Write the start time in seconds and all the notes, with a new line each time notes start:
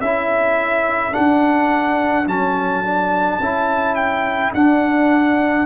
0.00 C#4 E4 A4 E5
1.11 D4 F#5
2.26 F#3 C#4 A5
2.84 D4
3.39 C#4 E4
3.95 G5
4.54 D4 F#5